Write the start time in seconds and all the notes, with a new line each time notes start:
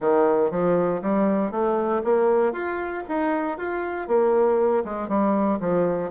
0.00 D#3
0.51 F3
1.01 G3
1.51 A3
2.04 A#3
2.52 F4
3.08 D#4
3.57 F4
4.07 A#3
4.84 G#3
5.08 G3
5.59 F3